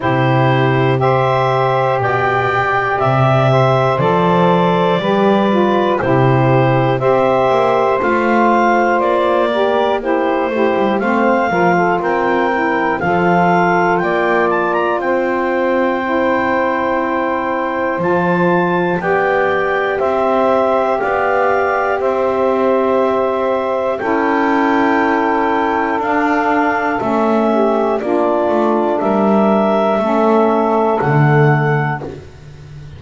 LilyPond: <<
  \new Staff \with { instrumentName = "clarinet" } { \time 4/4 \tempo 4 = 60 c''4 e''4 g''4 e''4 | d''2 c''4 e''4 | f''4 d''4 c''4 f''4 | g''4 f''4 g''8 a''16 ais''16 g''4~ |
g''2 a''4 g''4 | e''4 f''4 e''2 | g''2 f''4 e''4 | d''4 e''2 fis''4 | }
  \new Staff \with { instrumentName = "saxophone" } { \time 4/4 g'4 c''4 d''4. c''8~ | c''4 b'4 g'4 c''4~ | c''4. ais'8 g'8 e'8 c''8 ais'16 a'16 | ais'4 a'4 d''4 c''4~ |
c''2. d''4 | c''4 d''4 c''2 | a'2.~ a'8 g'8 | f'4 ais'4 a'2 | }
  \new Staff \with { instrumentName = "saxophone" } { \time 4/4 e'4 g'2. | a'4 g'8 f'8 e'4 g'4 | f'4. g'8 e'8 g'8 c'8 f'8~ | f'8 e'8 f'2. |
e'2 f'4 g'4~ | g'1 | e'2 d'4 cis'4 | d'2 cis'4 a4 | }
  \new Staff \with { instrumentName = "double bass" } { \time 4/4 c2 b,4 c4 | f4 g4 c4 c'8 ais8 | a4 ais4. a16 g16 a8 f8 | c'4 f4 ais4 c'4~ |
c'2 f4 b4 | c'4 b4 c'2 | cis'2 d'4 a4 | ais8 a8 g4 a4 d4 | }
>>